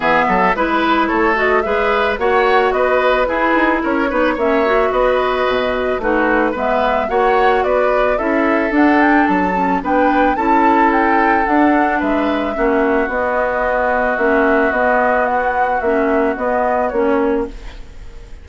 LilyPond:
<<
  \new Staff \with { instrumentName = "flute" } { \time 4/4 \tempo 4 = 110 e''4 b'4 cis''8 dis''8 e''4 | fis''4 dis''4 b'4 cis''4 | e''4 dis''2 b'4 | e''4 fis''4 d''4 e''4 |
fis''8 g''8 a''4 g''4 a''4 | g''4 fis''4 e''2 | dis''2 e''4 dis''4 | fis''4 e''4 dis''4 cis''4 | }
  \new Staff \with { instrumentName = "oboe" } { \time 4/4 gis'8 a'8 b'4 a'4 b'4 | cis''4 b'4 gis'4 ais'8 b'8 | cis''4 b'2 fis'4 | b'4 cis''4 b'4 a'4~ |
a'2 b'4 a'4~ | a'2 b'4 fis'4~ | fis'1~ | fis'1 | }
  \new Staff \with { instrumentName = "clarinet" } { \time 4/4 b4 e'4. fis'8 gis'4 | fis'2 e'4. dis'8 | cis'8 fis'2~ fis'8 dis'4 | b4 fis'2 e'4 |
d'4. cis'8 d'4 e'4~ | e'4 d'2 cis'4 | b2 cis'4 b4~ | b4 cis'4 b4 cis'4 | }
  \new Staff \with { instrumentName = "bassoon" } { \time 4/4 e8 fis8 gis4 a4 gis4 | ais4 b4 e'8 dis'8 cis'8 b8 | ais4 b4 b,4 a4 | gis4 ais4 b4 cis'4 |
d'4 fis4 b4 cis'4~ | cis'4 d'4 gis4 ais4 | b2 ais4 b4~ | b4 ais4 b4 ais4 | }
>>